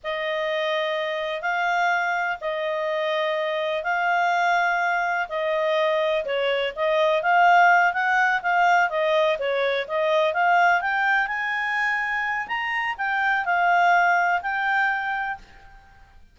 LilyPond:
\new Staff \with { instrumentName = "clarinet" } { \time 4/4 \tempo 4 = 125 dis''2. f''4~ | f''4 dis''2. | f''2. dis''4~ | dis''4 cis''4 dis''4 f''4~ |
f''8 fis''4 f''4 dis''4 cis''8~ | cis''8 dis''4 f''4 g''4 gis''8~ | gis''2 ais''4 g''4 | f''2 g''2 | }